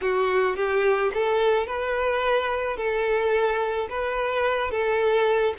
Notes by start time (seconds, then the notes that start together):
0.01 F#4
0.56 G4
1.13 A4
1.67 B4
2.77 A4
3.89 B4
4.70 A4